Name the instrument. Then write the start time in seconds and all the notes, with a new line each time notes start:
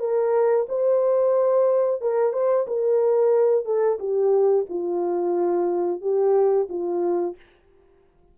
horn
0.00 A#4
0.69 C5
2.02 A#4
2.33 C5
2.68 A#4
3.66 A4
3.99 G4
4.70 F4
6.02 G4
6.70 F4